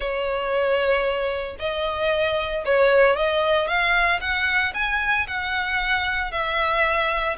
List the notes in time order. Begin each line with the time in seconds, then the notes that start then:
0.00 C#5
1.59 D#5
2.65 C#5
3.16 D#5
3.67 F5
4.20 F#5
4.74 G#5
5.27 F#5
6.31 E5